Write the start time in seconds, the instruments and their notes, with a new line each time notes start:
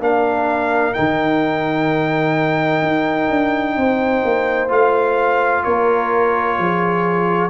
0.00 tuba A#3, trombone D4, horn A#4, trumpet F5
0.94 tuba D#3, trombone D#4, trumpet G5
2.82 tuba D#4
3.30 tuba D4
3.76 tuba C4, horn C5
4.24 tuba A#3
4.69 tuba A3, trombone F4, trumpet F5
5.63 tuba A#3, horn A#4, trumpet C#5
6.58 tuba F3, horn G#4